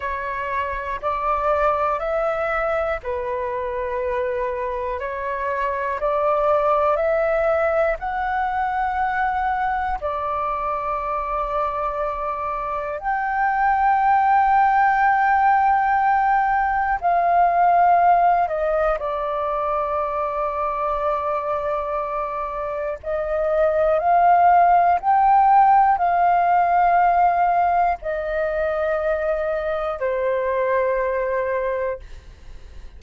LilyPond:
\new Staff \with { instrumentName = "flute" } { \time 4/4 \tempo 4 = 60 cis''4 d''4 e''4 b'4~ | b'4 cis''4 d''4 e''4 | fis''2 d''2~ | d''4 g''2.~ |
g''4 f''4. dis''8 d''4~ | d''2. dis''4 | f''4 g''4 f''2 | dis''2 c''2 | }